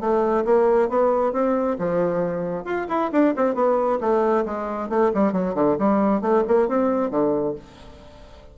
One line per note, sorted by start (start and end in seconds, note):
0.00 0.44 A3
0.45 0.89 A#3
0.89 1.33 B3
1.33 1.77 C4
1.78 2.64 F3
2.64 2.87 F4
2.88 3.11 E4
3.12 3.34 D4
3.36 3.54 C4
3.54 3.99 B3
4.00 4.45 A3
4.45 4.89 G#3
4.89 5.11 A3
5.14 5.32 G3
5.32 5.54 F#3
5.54 5.77 D3
5.78 6.21 G3
6.21 6.43 A3
6.47 6.68 A#3
6.68 7.10 C4
7.10 7.55 D3